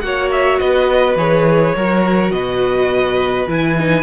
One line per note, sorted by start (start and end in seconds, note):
0.00 0.60 A#3
0.00 1.17 F#4
0.00 0.60 C#5
0.00 0.29 F#5
0.31 0.59 E5
0.59 1.15 B3
0.59 1.75 B4
0.59 1.17 D#5
1.15 1.73 E3
1.15 1.75 G#4
1.15 2.31 C#5
1.75 2.31 F#3
1.75 3.47 F#4
1.75 2.33 A#4
2.31 3.46 B2
2.31 4.02 B4
2.31 3.46 D#5
3.46 4.02 E3
3.46 3.76 E4
3.46 4.02 G#5
3.79 4.02 D#4